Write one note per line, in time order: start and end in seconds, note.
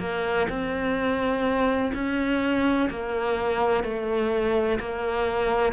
0.00 0.48 A#3
0.50 1.93 C4
1.94 2.90 C#4
2.90 3.84 A#3
3.84 4.80 A3
4.80 5.74 A#3